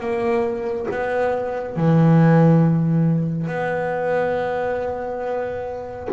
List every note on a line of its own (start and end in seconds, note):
0.00 0.87 A#3
0.91 1.77 B3
1.77 3.47 E3
3.47 6.08 B3